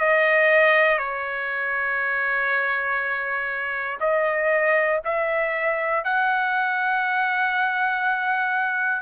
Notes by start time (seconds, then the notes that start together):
0.00 D#5
0.98 C#5
4.00 D#5
5.05 E5
6.04 F#5